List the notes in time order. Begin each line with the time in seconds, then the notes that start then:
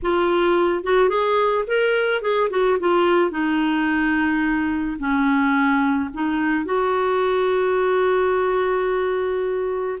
0.02 F4
0.83 F#4
1.09 G#4
1.67 A#4
2.21 G#4
2.50 F#4
2.79 F4
3.31 D#4
4.98 C#4
6.13 D#4
6.65 F#4